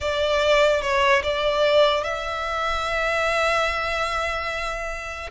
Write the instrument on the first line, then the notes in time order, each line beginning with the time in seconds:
violin
0.01 D5
0.81 C#5
1.23 D5
2.03 E5